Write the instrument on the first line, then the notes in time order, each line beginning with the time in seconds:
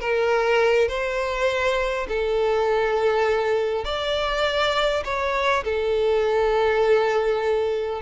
violin
0.00 A#4
0.88 C5
2.08 A4
3.85 D5
5.04 C#5
5.64 A4